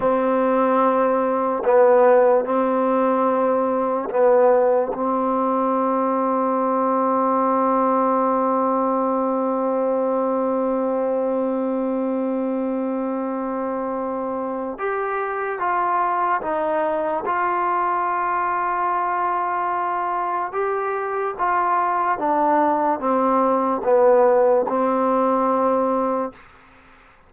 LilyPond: \new Staff \with { instrumentName = "trombone" } { \time 4/4 \tempo 4 = 73 c'2 b4 c'4~ | c'4 b4 c'2~ | c'1~ | c'1~ |
c'2 g'4 f'4 | dis'4 f'2.~ | f'4 g'4 f'4 d'4 | c'4 b4 c'2 | }